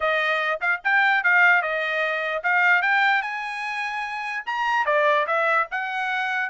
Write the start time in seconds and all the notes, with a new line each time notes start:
0.00 D#5
0.60 F5
0.84 G5
1.23 F5
1.61 D#5
2.43 F5
2.81 G5
3.22 G#5
4.46 A#5
4.85 D5
5.26 E5
5.71 F#5